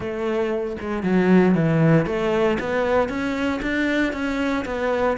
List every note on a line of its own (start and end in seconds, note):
0.00 0.76 A3
0.80 1.03 G#3
1.03 1.54 F#3
1.54 2.06 E3
2.06 2.57 A3
2.59 3.08 B3
3.08 3.60 C#4
3.62 4.12 D4
4.12 4.64 C#4
4.65 5.17 B3